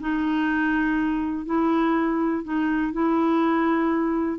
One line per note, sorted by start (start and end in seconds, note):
0.00 1.46 D#4
1.46 2.44 E4
2.44 2.92 D#4
2.92 4.39 E4